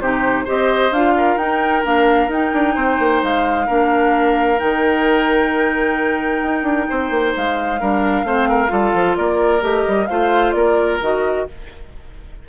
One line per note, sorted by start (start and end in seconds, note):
0.00 0.46 C3
0.00 0.46 D#4
0.00 0.45 G4
0.00 0.46 C5
0.45 0.92 C4
0.45 0.92 G4
0.45 1.13 C5
0.45 0.93 D#5
0.92 1.36 D4
0.92 1.40 F4
0.92 1.38 F5
1.17 2.75 A#4
1.36 1.82 D#4
1.36 1.84 D#4
1.36 1.84 G5
1.84 2.28 A#3
1.84 2.30 D4
1.84 2.31 F5
2.28 2.51 D#4
2.28 3.67 D#4
2.28 3.24 G5
2.53 2.76 D4
2.75 2.99 C4
2.75 3.66 C5
2.99 3.22 A#3
3.23 3.69 G#3
3.23 4.59 F5
3.66 4.60 A#3
3.66 4.58 D4
3.66 6.87 A#4
4.58 6.43 D#3
4.58 7.79 D#4
4.58 7.34 G5
6.43 6.63 D#4
6.63 6.86 D4
6.89 7.10 C4
6.89 7.80 C5
7.10 7.33 A#3
7.36 7.81 G#3
7.36 9.17 F5
7.80 8.23 G3
7.80 8.26 D4
7.80 8.26 A#4
8.23 8.69 A3
8.23 8.68 C4
8.23 8.49 C5
8.49 8.72 A#4
8.68 8.94 G3
8.68 9.60 F4
8.68 9.17 A4
8.94 9.17 F3
9.17 9.62 A#3
9.17 10.09 A#4
9.17 9.62 D5
9.60 9.85 A3
9.60 10.06 G4
9.60 10.06 D#5
9.88 10.10 G3
10.06 10.54 A3
10.06 11.01 F4
10.06 10.55 C5
10.06 10.52 F5
10.52 11.00 A#3
10.52 11.48 A#4
10.52 10.98 D5
11.01 11.48 D#3
11.01 11.47 F#4
11.01 11.49 D#5